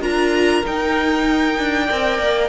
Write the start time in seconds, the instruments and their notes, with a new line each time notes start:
0.00 cello D4, viola F4, violin A#4 A#5
0.65 viola D#4, cello D#4, violin G5
1.59 cello D4
1.86 cello C4, viola A#4, violin D5
2.19 cello A#3